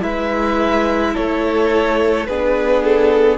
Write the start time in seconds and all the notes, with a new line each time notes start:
0.00 G#3 E4 B4 E5
1.13 A3 A4 C#5
2.26 B3 D4 G#4 B4
2.84 A4